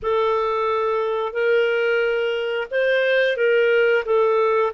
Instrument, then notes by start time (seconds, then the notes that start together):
clarinet
0.02 A4
1.32 A#4
2.70 C5
3.36 A#4
4.05 A4